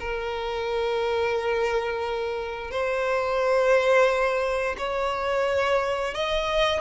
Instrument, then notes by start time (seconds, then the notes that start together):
violin
0.00 A#4
2.71 C5
4.78 C#5
6.14 D#5